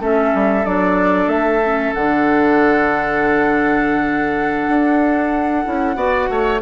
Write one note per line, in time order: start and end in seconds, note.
0.00 0.32 A3
0.00 0.65 C#4
0.00 5.97 A4
0.00 0.65 E5
0.35 0.66 G3
0.65 1.28 F#3
0.65 1.61 D4
0.65 1.29 D5
1.28 1.92 A3
1.28 1.94 E5
1.65 1.96 C#4
1.94 4.69 D3
1.94 5.65 D4
1.94 6.62 F#5
4.69 5.65 D4
5.65 5.96 C#4
5.65 5.96 E4
5.96 6.28 B3
5.96 6.60 F#4
5.96 6.29 D5
6.30 6.62 A3
6.30 6.62 C#5